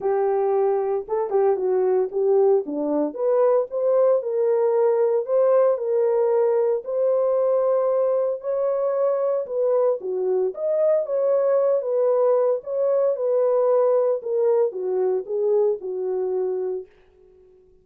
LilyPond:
\new Staff \with { instrumentName = "horn" } { \time 4/4 \tempo 4 = 114 g'2 a'8 g'8 fis'4 | g'4 d'4 b'4 c''4 | ais'2 c''4 ais'4~ | ais'4 c''2. |
cis''2 b'4 fis'4 | dis''4 cis''4. b'4. | cis''4 b'2 ais'4 | fis'4 gis'4 fis'2 | }